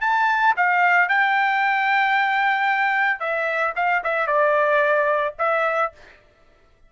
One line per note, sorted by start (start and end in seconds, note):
0.00 0.54 A5
0.56 1.08 F5
1.08 3.19 G5
3.19 3.73 E5
3.75 4.02 F5
4.03 4.27 E5
4.27 5.34 D5
5.38 5.92 E5